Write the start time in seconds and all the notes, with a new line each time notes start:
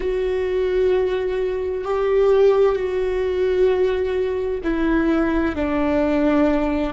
0.00 F#4
1.84 G4
2.75 F#4
4.63 E4
5.55 D4